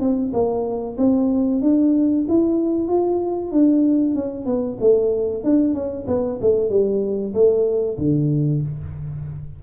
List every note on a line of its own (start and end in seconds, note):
0.00 0.32 C4
0.33 0.97 A#3
0.98 1.62 C4
1.62 2.26 D4
2.28 2.88 E4
2.88 3.52 F4
3.52 4.15 D4
4.15 4.46 C#4
4.46 4.78 B3
4.80 5.44 A3
5.44 5.74 D4
5.74 6.06 C#4
6.07 6.39 B3
6.41 6.70 A3
6.70 7.34 G3
7.34 7.98 A3
7.98 8.62 D3